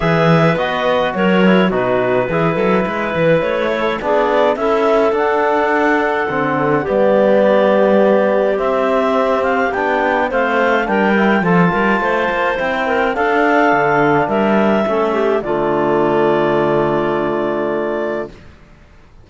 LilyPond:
<<
  \new Staff \with { instrumentName = "clarinet" } { \time 4/4 \tempo 4 = 105 e''4 dis''4 cis''4 b'4~ | b'2 cis''4 d''4 | e''4 fis''2. | d''2. e''4~ |
e''8 f''8 g''4 f''4 g''4 | a''2 g''4 f''4~ | f''4 e''2 d''4~ | d''1 | }
  \new Staff \with { instrumentName = "clarinet" } { \time 4/4 b'2 ais'4 fis'4 | gis'8 a'8 b'4. a'8 gis'4 | a'1 | g'1~ |
g'2 c''4 ais'4 | a'8 ais'8 c''4. ais'8 a'4~ | a'4 ais'4 a'8 g'8 f'4~ | f'1 | }
  \new Staff \with { instrumentName = "trombone" } { \time 4/4 gis'4 fis'4. e'8 dis'4 | e'2. d'4 | e'4 d'2 c'4 | b2. c'4~ |
c'4 d'4 c'4 d'8 e'8 | f'2 e'4 d'4~ | d'2 cis'4 a4~ | a1 | }
  \new Staff \with { instrumentName = "cello" } { \time 4/4 e4 b4 fis4 b,4 | e8 fis8 gis8 e8 a4 b4 | cis'4 d'2 d4 | g2. c'4~ |
c'4 b4 a4 g4 | f8 g8 a8 ais8 c'4 d'4 | d4 g4 a4 d4~ | d1 | }
>>